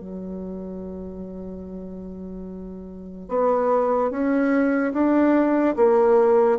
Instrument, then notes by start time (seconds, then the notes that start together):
bassoon
0.00 F#3
3.29 B3
4.11 C#4
4.94 D4
5.77 A#3